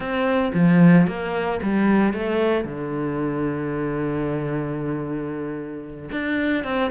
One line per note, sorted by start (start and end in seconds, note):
0.00 0.52 C4
0.54 1.07 F3
1.07 1.60 A#3
1.62 2.13 G3
2.13 2.64 A3
2.64 6.09 D3
6.11 6.64 D4
6.64 6.90 C4